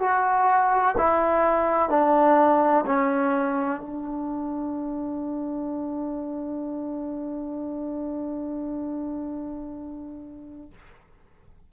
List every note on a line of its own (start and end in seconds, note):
0.00 0.95 F#4
0.98 1.90 E4
1.90 2.85 D4
2.87 3.81 C#4
3.81 10.71 D4